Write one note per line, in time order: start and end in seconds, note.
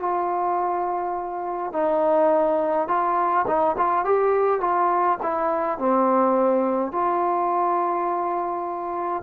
0.00 1.73 F4
1.73 2.88 D#4
2.88 3.46 F4
3.47 3.76 D#4
3.78 4.05 F4
4.05 4.61 G4
4.61 5.18 F4
5.23 5.79 E4
5.79 6.93 C4
6.93 9.23 F4